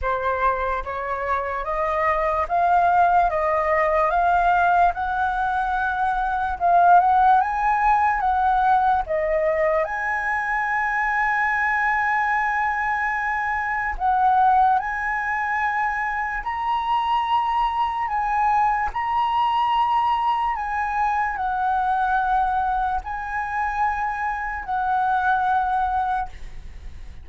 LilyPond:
\new Staff \with { instrumentName = "flute" } { \time 4/4 \tempo 4 = 73 c''4 cis''4 dis''4 f''4 | dis''4 f''4 fis''2 | f''8 fis''8 gis''4 fis''4 dis''4 | gis''1~ |
gis''4 fis''4 gis''2 | ais''2 gis''4 ais''4~ | ais''4 gis''4 fis''2 | gis''2 fis''2 | }